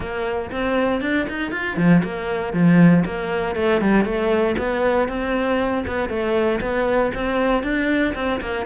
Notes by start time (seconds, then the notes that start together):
0.00 A#3
0.51 C4
1.01 D4
1.29 D#4
1.51 F4
1.76 F3
2.03 A#3
2.53 F3
3.05 A#3
3.55 A3
3.81 G3
4.04 A3
4.57 B3
5.08 C4
5.86 B3
6.09 A3
6.61 B3
7.14 C4
7.63 D4
8.14 C4
8.40 A#3